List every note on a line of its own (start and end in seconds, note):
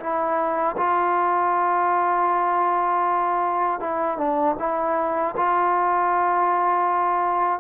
0.00 0.76 E4
0.77 3.80 F4
3.80 4.18 E4
4.18 4.56 D4
4.59 5.35 E4
5.36 7.60 F4